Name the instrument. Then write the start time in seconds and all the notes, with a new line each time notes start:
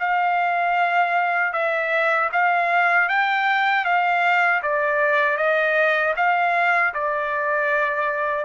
trumpet
0.00 F5
1.53 E5
2.33 F5
3.09 G5
3.85 F5
4.63 D5
5.38 D#5
6.17 F5
6.94 D5